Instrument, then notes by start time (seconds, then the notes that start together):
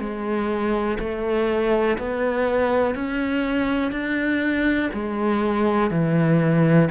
cello
0.00 G#3
1.00 A3
1.98 B3
2.96 C#4
3.92 D4
4.94 G#3
5.91 E3